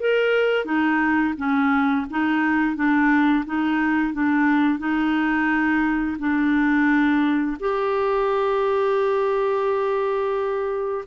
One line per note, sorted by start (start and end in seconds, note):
0.00 0.65 A#4
0.65 1.34 D#4
1.37 2.06 C#4
2.10 2.76 D#4
2.76 3.45 D4
3.45 4.13 D#4
4.13 4.79 D4
4.79 6.17 D#4
6.19 7.57 D4
7.60 11.04 G4